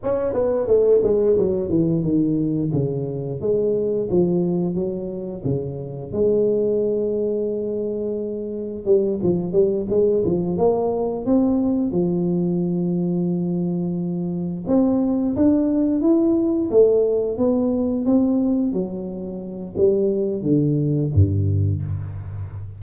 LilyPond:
\new Staff \with { instrumentName = "tuba" } { \time 4/4 \tempo 4 = 88 cis'8 b8 a8 gis8 fis8 e8 dis4 | cis4 gis4 f4 fis4 | cis4 gis2.~ | gis4 g8 f8 g8 gis8 f8 ais8~ |
ais8 c'4 f2~ f8~ | f4. c'4 d'4 e'8~ | e'8 a4 b4 c'4 fis8~ | fis4 g4 d4 g,4 | }